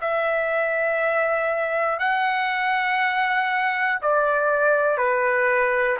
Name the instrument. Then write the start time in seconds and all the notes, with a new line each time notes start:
trumpet
0.00 E5
1.99 F#5
4.01 D5
4.97 B4